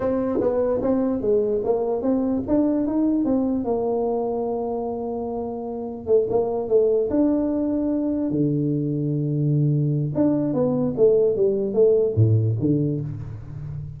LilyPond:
\new Staff \with { instrumentName = "tuba" } { \time 4/4 \tempo 4 = 148 c'4 b4 c'4 gis4 | ais4 c'4 d'4 dis'4 | c'4 ais2.~ | ais2. a8 ais8~ |
ais8 a4 d'2~ d'8~ | d'8 d2.~ d8~ | d4 d'4 b4 a4 | g4 a4 a,4 d4 | }